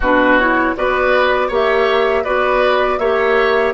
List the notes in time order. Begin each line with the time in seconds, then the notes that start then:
0.00 B2 D4 F#4 B4
0.38 E4 C#5
0.76 B3 F#4 B4 D5
1.48 A#3 G4 C#5 E5
2.24 B3 F#4 B4 D5
2.98 A#3 G4 C#5 E5